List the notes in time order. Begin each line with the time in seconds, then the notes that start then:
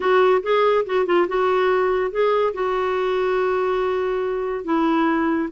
0.00 F#4
0.42 G#4
0.85 F#4
1.06 F4
1.28 F#4
2.11 G#4
2.53 F#4
4.64 E4